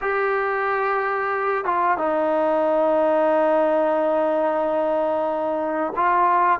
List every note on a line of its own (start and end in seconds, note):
0.01 1.64 G4
1.64 1.97 F4
1.97 5.93 D#4
5.96 6.59 F4